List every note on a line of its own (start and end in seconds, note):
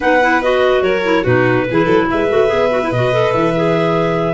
0.00 0.81 B3
0.00 0.20 D#4
0.00 0.82 B4
0.00 0.42 F#5
0.22 0.42 E4
0.42 1.03 F#4
0.42 0.83 D#5
0.81 1.23 F#3
0.81 1.23 A#4
0.81 1.24 C#5
1.03 1.23 E4
1.23 1.67 B2
1.23 1.66 D#4
1.23 1.64 F#4
1.23 2.08 B4
1.70 1.86 E3
1.70 2.28 E4
1.70 1.84 G#4
1.84 2.07 F#3
1.84 2.05 A4
2.10 2.30 G#3
2.10 4.34 B4
2.10 2.91 E5
2.28 2.51 A3
2.28 2.47 F#4
2.47 2.91 B3
2.47 2.68 G#4
2.70 2.81 F#4
2.82 2.92 E4
2.91 3.32 B2
2.91 3.12 F#4
2.91 3.32 D#5
3.12 3.53 A4
3.32 4.34 E3
3.32 4.34 E5
3.56 4.34 G#4